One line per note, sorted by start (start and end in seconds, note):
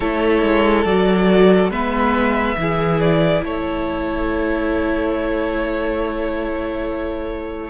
0.00 0.42 A3
0.00 0.86 E4
0.00 1.70 A4
0.00 0.84 C#5
0.42 0.85 G#3
0.84 1.70 F#3
0.84 1.70 F#4
0.84 1.70 D5
1.70 2.56 G#3
1.70 2.56 B3
1.70 2.56 B4
1.70 3.00 E5
2.56 3.42 E3
2.56 7.69 E4
2.56 3.43 G#4
3.00 3.43 D5
3.43 7.69 A3
3.43 7.69 A4
3.43 7.69 C#5